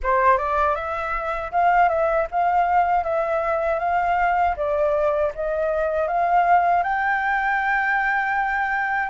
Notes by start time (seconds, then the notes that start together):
0.02 C5
0.37 D5
0.75 E5
1.51 F5
1.88 E5
2.31 F5
3.03 E5
3.79 F5
4.56 D5
5.34 D#5
6.07 F5
6.83 G5